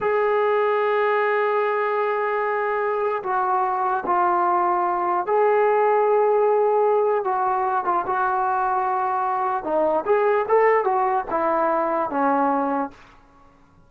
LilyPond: \new Staff \with { instrumentName = "trombone" } { \time 4/4 \tempo 4 = 149 gis'1~ | gis'1 | fis'2 f'2~ | f'4 gis'2.~ |
gis'2 fis'4. f'8 | fis'1 | dis'4 gis'4 a'4 fis'4 | e'2 cis'2 | }